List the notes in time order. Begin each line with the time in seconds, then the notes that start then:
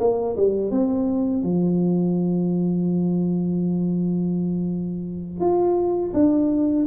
0.00 A#3
0.36 G3
0.71 C4
1.43 F3
5.40 F4
6.14 D4